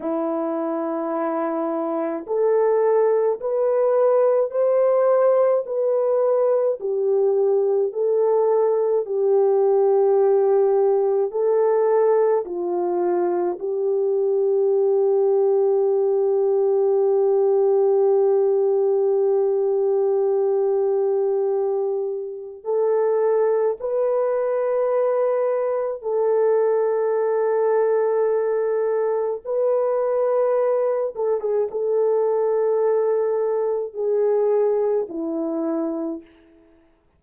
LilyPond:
\new Staff \with { instrumentName = "horn" } { \time 4/4 \tempo 4 = 53 e'2 a'4 b'4 | c''4 b'4 g'4 a'4 | g'2 a'4 f'4 | g'1~ |
g'1 | a'4 b'2 a'4~ | a'2 b'4. a'16 gis'16 | a'2 gis'4 e'4 | }